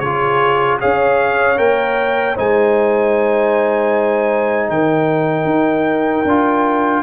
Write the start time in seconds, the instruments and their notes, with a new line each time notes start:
0.00 tuba C#3, trombone F4, horn G#4, trumpet C#5
0.79 tuba C#4, trombone G#4, horn C#5, trumpet F5
1.56 tuba A#3, trombone A#4, trumpet G5
2.35 tuba G#3, trombone D#4, horn C5, trumpet G#5
4.69 tuba D#3, horn A#4, trumpet G5
5.45 tuba D#4
6.25 tuba D4, trombone F4